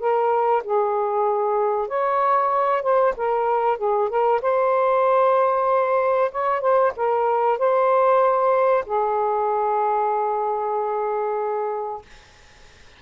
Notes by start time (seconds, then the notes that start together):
0.00 A#4
0.65 G#4
1.88 C#5
2.83 C5
3.17 A#4
3.78 G#4
4.10 A#4
4.42 C5
6.32 C#5
6.61 C5
6.97 A#4
7.59 C5
8.87 G#4